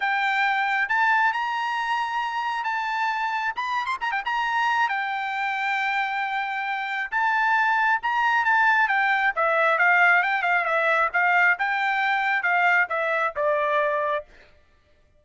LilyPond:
\new Staff \with { instrumentName = "trumpet" } { \time 4/4 \tempo 4 = 135 g''2 a''4 ais''4~ | ais''2 a''2 | b''8. c'''16 ais''16 g''16 ais''4. g''4~ | g''1 |
a''2 ais''4 a''4 | g''4 e''4 f''4 g''8 f''8 | e''4 f''4 g''2 | f''4 e''4 d''2 | }